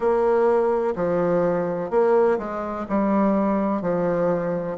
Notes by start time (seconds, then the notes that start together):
0.00 A#3
0.95 F3
1.90 A#3
2.38 G#3
2.88 G3
3.81 F3